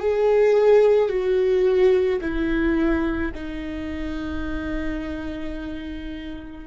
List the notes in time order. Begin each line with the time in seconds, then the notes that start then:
0.00 G#4
1.09 F#4
2.21 E4
3.34 D#4